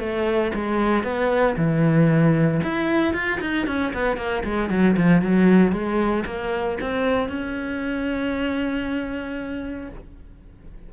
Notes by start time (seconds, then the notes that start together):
0.00 A3
0.55 G#3
1.04 B3
1.57 E3
2.63 E4
3.14 F4
3.42 D#4
3.67 C#4
3.94 B3
4.17 A#3
4.44 G#3
4.70 F#3
4.97 F3
5.22 F#3
5.72 G#3
6.26 A#3
6.82 C4
7.29 C#4